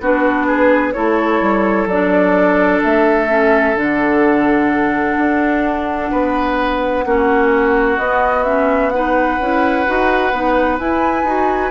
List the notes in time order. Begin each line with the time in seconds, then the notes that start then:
0.00 B3 D4 F#4 B4
0.46 G#4
0.93 A3 E4 A4 C#5
1.41 G3
1.86 F#3 D4 D5
2.83 A3 E5
3.28 C#4
3.75 D3 D4 F#5
5.17 D4
6.11 B3 B4
7.05 A#3 C#4 F#4
7.97 B3 D#5
8.44 C#4 E5
8.90 D#4 B4 F#5
9.40 C#4 E4
9.86 D#4 F#4
10.32 B3 D#4
10.79 E4 G#5
11.24 D#4 F#4